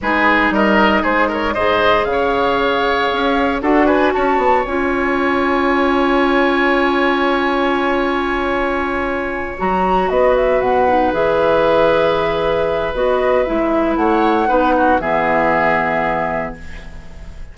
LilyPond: <<
  \new Staff \with { instrumentName = "flute" } { \time 4/4 \tempo 4 = 116 b'4 dis''4 c''8 cis''8 dis''4 | f''2. fis''8 gis''8 | a''4 gis''2.~ | gis''1~ |
gis''2~ gis''8 ais''4 dis''8 | e''8 fis''4 e''2~ e''8~ | e''4 dis''4 e''4 fis''4~ | fis''4 e''2. | }
  \new Staff \with { instrumentName = "oboe" } { \time 4/4 gis'4 ais'4 gis'8 ais'8 c''4 | cis''2. a'8 b'8 | cis''1~ | cis''1~ |
cis''2.~ cis''8 b'8~ | b'1~ | b'2. cis''4 | b'8 fis'8 gis'2. | }
  \new Staff \with { instrumentName = "clarinet" } { \time 4/4 dis'2. gis'4~ | gis'2. fis'4~ | fis'4 f'2.~ | f'1~ |
f'2~ f'8 fis'4.~ | fis'4 dis'8 gis'2~ gis'8~ | gis'4 fis'4 e'2 | dis'4 b2. | }
  \new Staff \with { instrumentName = "bassoon" } { \time 4/4 gis4 g4 gis4 gis,4 | cis2 cis'4 d'4 | cis'8 b8 cis'2.~ | cis'1~ |
cis'2~ cis'8 fis4 b8~ | b8 b,4 e2~ e8~ | e4 b4 gis4 a4 | b4 e2. | }
>>